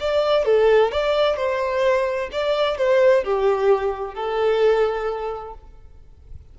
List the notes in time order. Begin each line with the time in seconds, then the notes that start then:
0.00 D5
0.45 A4
0.92 D5
1.37 C5
2.32 D5
2.78 C5
3.24 G4
4.15 A4